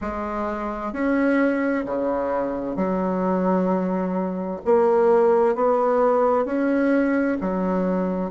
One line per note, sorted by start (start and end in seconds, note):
0.01 0.92 G#3
0.92 1.85 C#4
1.85 2.76 C#3
2.76 4.60 F#3
4.64 5.55 A#3
5.55 6.45 B3
6.45 7.37 C#4
7.41 8.31 F#3